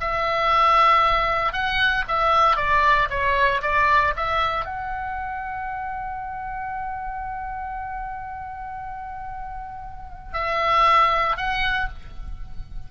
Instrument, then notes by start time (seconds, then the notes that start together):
oboe
0.00 E5
1.52 F#5
2.08 E5
2.56 D5
3.10 C#5
3.62 D5
4.16 E5
4.65 F#5
10.33 E5
11.37 F#5